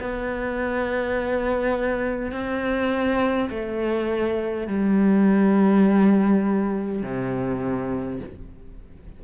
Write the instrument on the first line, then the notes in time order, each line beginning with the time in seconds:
cello
0.00 B3
2.32 C4
3.50 A3
4.67 G3
7.02 C3